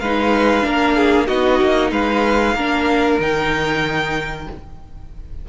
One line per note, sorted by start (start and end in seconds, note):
0.00 0.65 G#3
0.00 0.62 D#4
0.00 0.66 B4
0.00 1.28 F5
0.62 1.29 A#3
0.62 1.26 D4
0.62 0.97 A#4
0.97 1.27 G#4
1.27 1.61 B3
1.27 2.56 D#4
1.27 1.91 F#4
1.27 1.91 D#5
1.61 1.92 A#3
1.92 2.55 G#3
1.92 2.55 B4
1.92 3.19 F5
2.55 3.19 A#3
2.55 3.21 D4
2.55 4.47 A#4
3.20 4.48 D#3
3.20 4.49 D#4
3.20 4.49 G5